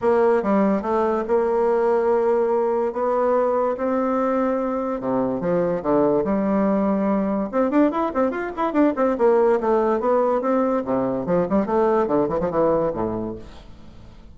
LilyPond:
\new Staff \with { instrumentName = "bassoon" } { \time 4/4 \tempo 4 = 144 ais4 g4 a4 ais4~ | ais2. b4~ | b4 c'2. | c4 f4 d4 g4~ |
g2 c'8 d'8 e'8 c'8 | f'8 e'8 d'8 c'8 ais4 a4 | b4 c'4 c4 f8 g8 | a4 d8 e16 f16 e4 a,4 | }